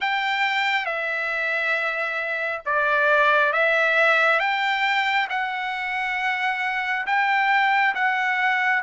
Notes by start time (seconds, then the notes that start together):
0.00 G5
0.85 E5
2.65 D5
3.52 E5
4.39 G5
5.29 F#5
7.06 G5
7.94 F#5